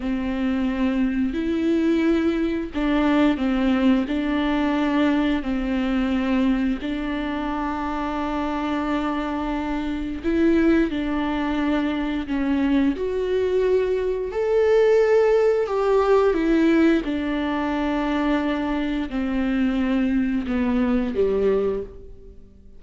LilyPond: \new Staff \with { instrumentName = "viola" } { \time 4/4 \tempo 4 = 88 c'2 e'2 | d'4 c'4 d'2 | c'2 d'2~ | d'2. e'4 |
d'2 cis'4 fis'4~ | fis'4 a'2 g'4 | e'4 d'2. | c'2 b4 g4 | }